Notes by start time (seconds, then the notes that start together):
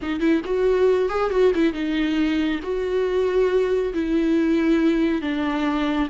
0.01 D#4
0.20 E4
0.44 F#4
1.09 G#4
1.30 F#4
1.54 E4
1.73 D#4
2.62 F#4
3.93 E4
5.21 D4